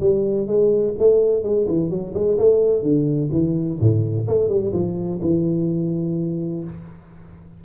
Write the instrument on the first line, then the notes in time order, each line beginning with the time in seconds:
tuba
0.00 G3
0.47 G#3
0.98 A3
1.43 G#3
1.68 E3
1.90 F#3
2.14 G#3
2.38 A3
2.83 D3
3.32 E3
3.80 A2
4.28 A3
4.49 G3
4.73 F3
5.22 E3